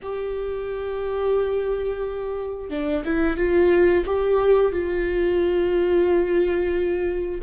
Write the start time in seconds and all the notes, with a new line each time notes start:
0.02 G4
2.70 D4
3.04 E4
3.36 F4
4.05 G4
4.72 F4